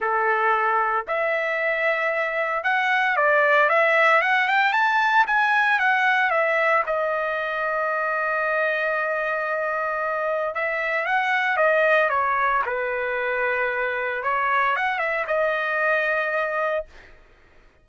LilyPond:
\new Staff \with { instrumentName = "trumpet" } { \time 4/4 \tempo 4 = 114 a'2 e''2~ | e''4 fis''4 d''4 e''4 | fis''8 g''8 a''4 gis''4 fis''4 | e''4 dis''2.~ |
dis''1 | e''4 fis''4 dis''4 cis''4 | b'2. cis''4 | fis''8 e''8 dis''2. | }